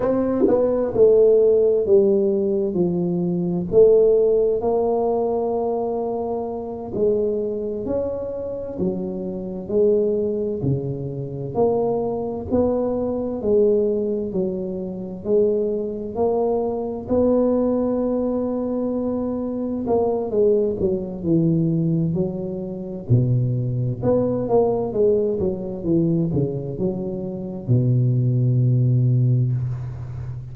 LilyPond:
\new Staff \with { instrumentName = "tuba" } { \time 4/4 \tempo 4 = 65 c'8 b8 a4 g4 f4 | a4 ais2~ ais8 gis8~ | gis8 cis'4 fis4 gis4 cis8~ | cis8 ais4 b4 gis4 fis8~ |
fis8 gis4 ais4 b4.~ | b4. ais8 gis8 fis8 e4 | fis4 b,4 b8 ais8 gis8 fis8 | e8 cis8 fis4 b,2 | }